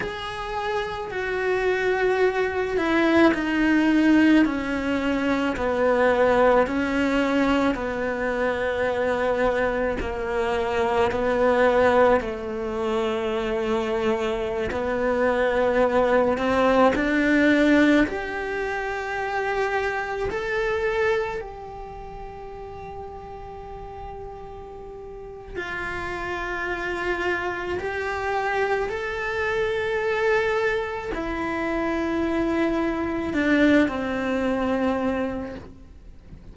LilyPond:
\new Staff \with { instrumentName = "cello" } { \time 4/4 \tempo 4 = 54 gis'4 fis'4. e'8 dis'4 | cis'4 b4 cis'4 b4~ | b4 ais4 b4 a4~ | a4~ a16 b4. c'8 d'8.~ |
d'16 g'2 a'4 g'8.~ | g'2. f'4~ | f'4 g'4 a'2 | e'2 d'8 c'4. | }